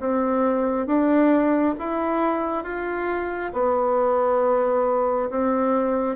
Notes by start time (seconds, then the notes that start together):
0.00 C4
0.87 D4
1.79 E4
2.64 F4
3.53 B3
5.30 C4